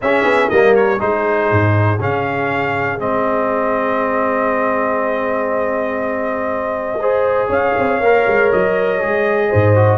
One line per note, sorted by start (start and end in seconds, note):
0.01 0.24 C#4
0.01 0.51 C#4
0.01 0.51 G#4
0.01 0.49 E5
0.24 0.49 B3
0.49 1.01 G3
0.49 0.98 A#3
0.49 0.99 A#4
0.49 0.74 D#5
0.75 1.00 C#5
0.98 1.51 G#3
0.98 1.98 D#4
0.98 6.99 G#4
0.98 2.00 C5
1.51 2.00 G#2
2.00 2.99 C#3
2.00 2.98 C#4
2.00 3.00 F5
2.98 7.49 G#3
2.98 6.98 C4
2.98 7.50 D#5
7.00 8.01 G#4
7.00 7.48 C5
7.48 7.74 C#4
7.48 9.48 C#5
7.48 8.52 F5
7.78 8.00 C4
8.00 8.25 A#3
8.00 9.00 A#4
8.27 8.52 G#3
8.52 9.01 F#3
8.52 9.98 D#5
9.00 9.51 G#3
9.00 9.75 G#4
9.49 9.98 G#2
9.49 9.98 C5
9.75 9.98 F#4